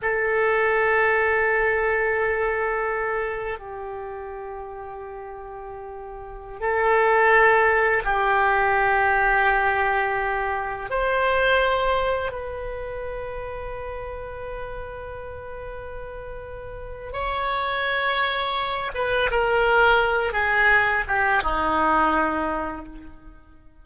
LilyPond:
\new Staff \with { instrumentName = "oboe" } { \time 4/4 \tempo 4 = 84 a'1~ | a'4 g'2.~ | g'4~ g'16 a'2 g'8.~ | g'2.~ g'16 c''8.~ |
c''4~ c''16 b'2~ b'8.~ | b'1 | cis''2~ cis''8 b'8 ais'4~ | ais'8 gis'4 g'8 dis'2 | }